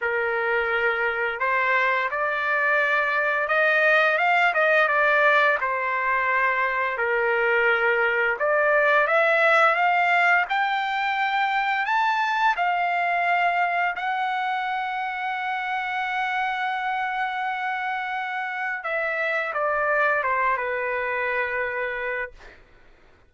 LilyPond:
\new Staff \with { instrumentName = "trumpet" } { \time 4/4 \tempo 4 = 86 ais'2 c''4 d''4~ | d''4 dis''4 f''8 dis''8 d''4 | c''2 ais'2 | d''4 e''4 f''4 g''4~ |
g''4 a''4 f''2 | fis''1~ | fis''2. e''4 | d''4 c''8 b'2~ b'8 | }